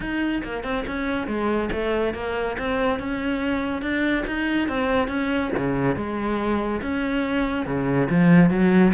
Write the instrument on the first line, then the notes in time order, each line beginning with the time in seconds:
cello
0.00 D#4
0.43 A#3
0.63 C4
0.86 C#4
1.27 G#3
1.72 A3
2.14 A#3
2.58 C4
2.99 C#4
3.82 D4
4.26 D#4
4.68 C4
5.08 C#4
5.56 C#3
5.96 G#3
6.81 C#4
7.65 C#3
8.10 F3
8.50 F#3